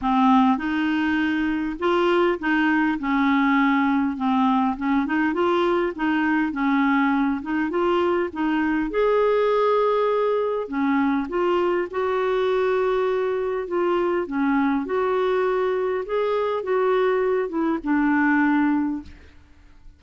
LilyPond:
\new Staff \with { instrumentName = "clarinet" } { \time 4/4 \tempo 4 = 101 c'4 dis'2 f'4 | dis'4 cis'2 c'4 | cis'8 dis'8 f'4 dis'4 cis'4~ | cis'8 dis'8 f'4 dis'4 gis'4~ |
gis'2 cis'4 f'4 | fis'2. f'4 | cis'4 fis'2 gis'4 | fis'4. e'8 d'2 | }